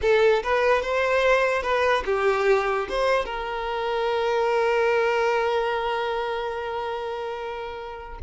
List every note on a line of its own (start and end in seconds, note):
0.01 0.42 A4
0.43 0.81 B4
0.81 1.62 C5
1.62 2.03 B4
2.05 2.88 G4
2.89 3.25 C5
3.25 8.18 A#4